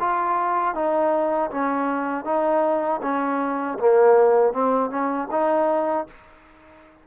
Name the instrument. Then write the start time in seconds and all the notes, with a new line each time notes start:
trombone
0.00 F4
0.75 D#4
1.51 C#4
2.25 D#4
3.02 C#4
3.79 A#3
4.53 C4
4.90 C#4
5.31 D#4